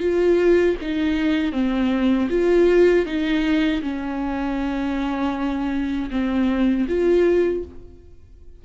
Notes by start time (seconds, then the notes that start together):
0.00 F4
0.82 D#4
1.52 C4
2.30 F4
3.06 D#4
3.82 C#4
6.11 C4
6.88 F4